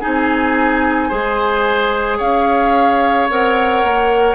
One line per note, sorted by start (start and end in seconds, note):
0.00 1.12 C4
0.00 1.10 D#4
0.00 1.08 G#4
0.00 2.19 G#5
1.08 2.20 G#3
1.08 3.28 G#4
1.08 2.17 C5
2.17 3.29 C#4
2.17 4.35 C#5
2.17 3.28 F5
3.29 3.83 C4
3.29 4.35 A#4
3.29 4.35 F#5
3.83 4.35 A#3